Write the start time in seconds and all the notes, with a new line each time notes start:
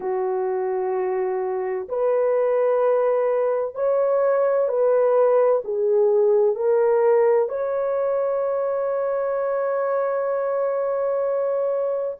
0.00 F#4
1.88 B4
3.74 C#5
4.68 B4
5.64 G#4
6.55 A#4
7.48 C#5